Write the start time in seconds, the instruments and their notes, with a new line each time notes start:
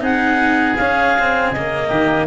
0.00 tuba C4, cello D#4, oboe G#4, clarinet F#5
0.77 tuba C#4, cello C#4, clarinet F5
1.18 cello C4
1.51 tuba C#3, cello A#3, clarinet D#5
1.88 tuba D#3, oboe G4